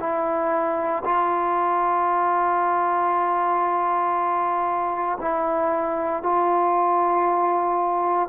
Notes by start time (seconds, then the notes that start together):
0.00 E4
1.05 F4
5.21 E4
6.23 F4